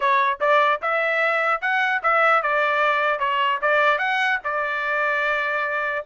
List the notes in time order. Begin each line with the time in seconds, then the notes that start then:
0.00 C#5
0.40 D5
0.81 E5
1.61 F#5
2.02 E5
2.42 D5
3.19 C#5
3.61 D5
3.98 F#5
4.43 D5